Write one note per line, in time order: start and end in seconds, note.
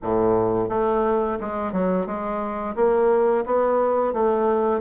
0.02 0.69 A2
0.69 1.38 A3
1.40 1.72 G#3
1.72 2.06 F#3
2.06 2.75 G#3
2.75 3.44 A#3
3.45 4.13 B3
4.13 4.80 A3